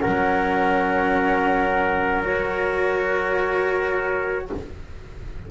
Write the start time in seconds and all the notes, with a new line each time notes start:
0.00 C#4 A#4 F#5
0.06 F#3
2.23 F#4 C#5